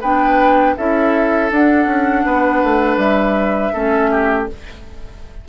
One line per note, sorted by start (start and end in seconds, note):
0.00 0.75 B3
0.00 0.77 D4
0.00 0.74 B4
0.00 0.76 G5
0.77 1.51 C#4
0.77 1.51 E4
0.77 2.25 A4
0.77 1.51 E5
1.51 1.85 D4
1.51 3.73 D4
1.51 2.98 F#5
1.85 2.23 C#4
2.25 2.62 B3
2.25 3.73 B4
2.63 2.96 A3
2.96 3.70 G3
2.96 4.46 E5
3.73 4.48 A3
3.73 4.47 C#4
3.73 4.10 A4
4.11 4.48 G4